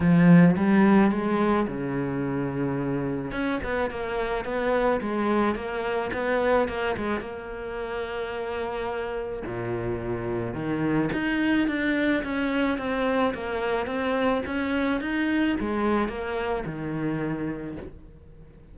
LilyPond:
\new Staff \with { instrumentName = "cello" } { \time 4/4 \tempo 4 = 108 f4 g4 gis4 cis4~ | cis2 cis'8 b8 ais4 | b4 gis4 ais4 b4 | ais8 gis8 ais2.~ |
ais4 ais,2 dis4 | dis'4 d'4 cis'4 c'4 | ais4 c'4 cis'4 dis'4 | gis4 ais4 dis2 | }